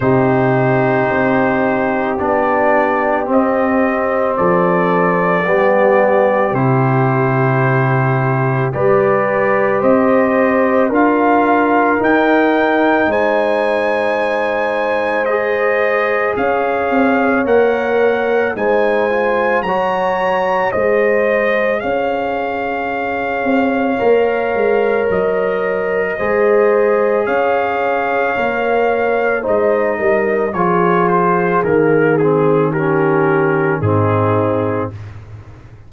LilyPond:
<<
  \new Staff \with { instrumentName = "trumpet" } { \time 4/4 \tempo 4 = 55 c''2 d''4 dis''4 | d''2 c''2 | d''4 dis''4 f''4 g''4 | gis''2 dis''4 f''4 |
fis''4 gis''4 ais''4 dis''4 | f''2. dis''4~ | dis''4 f''2 dis''4 | cis''8 c''8 ais'8 gis'8 ais'4 gis'4 | }
  \new Staff \with { instrumentName = "horn" } { \time 4/4 g'1 | a'4 g'2. | b'4 c''4 ais'2 | c''2. cis''4~ |
cis''4 c''4 cis''4 c''4 | cis''1 | c''4 cis''2 c''8 ais'8 | gis'2 g'4 dis'4 | }
  \new Staff \with { instrumentName = "trombone" } { \time 4/4 dis'2 d'4 c'4~ | c'4 b4 e'2 | g'2 f'4 dis'4~ | dis'2 gis'2 |
ais'4 dis'8 f'8 fis'4 gis'4~ | gis'2 ais'2 | gis'2 ais'4 dis'4 | f'4 ais8 c'8 cis'4 c'4 | }
  \new Staff \with { instrumentName = "tuba" } { \time 4/4 c4 c'4 b4 c'4 | f4 g4 c2 | g4 c'4 d'4 dis'4 | gis2. cis'8 c'8 |
ais4 gis4 fis4 gis4 | cis'4. c'8 ais8 gis8 fis4 | gis4 cis'4 ais4 gis8 g8 | f4 dis2 gis,4 | }
>>